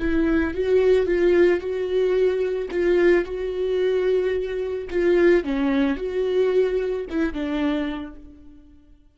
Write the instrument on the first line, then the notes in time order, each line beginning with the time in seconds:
viola
0.00 E4
0.55 F#4
1.06 F4
1.60 F#4
2.71 F4
3.25 F#4
4.90 F4
5.44 C#4
5.97 F#4
7.10 E4
7.34 D4